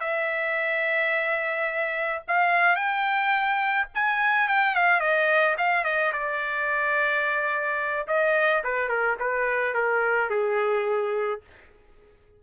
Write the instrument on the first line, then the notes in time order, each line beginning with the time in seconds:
trumpet
0.00 E5
2.28 F5
2.76 G5
3.94 G#5
4.48 G5
4.75 F5
5.00 D#5
5.58 F5
5.84 D#5
6.12 D5
8.07 D#5
8.64 B4
8.89 A#4
9.19 B4
9.74 A#4
10.30 G#4